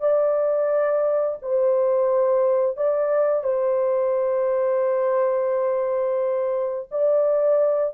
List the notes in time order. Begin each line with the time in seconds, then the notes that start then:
0.00 D5
1.42 C5
2.77 D5
3.43 C5
6.91 D5